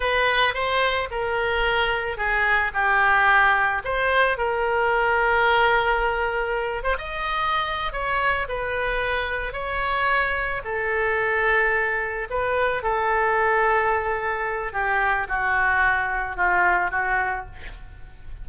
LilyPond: \new Staff \with { instrumentName = "oboe" } { \time 4/4 \tempo 4 = 110 b'4 c''4 ais'2 | gis'4 g'2 c''4 | ais'1~ | ais'8 c''16 dis''4.~ dis''16 cis''4 b'8~ |
b'4. cis''2 a'8~ | a'2~ a'8 b'4 a'8~ | a'2. g'4 | fis'2 f'4 fis'4 | }